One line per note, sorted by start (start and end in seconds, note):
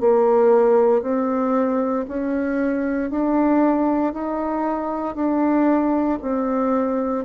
0.00 1.02 A#3
1.02 2.05 C4
2.08 3.10 C#4
3.10 4.13 D4
4.13 5.15 D#4
5.15 6.19 D4
6.22 7.25 C4